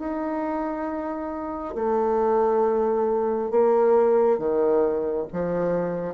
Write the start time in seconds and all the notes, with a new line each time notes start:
0.00 D#4
1.75 A3
3.51 A#3
4.39 D#3
5.33 F3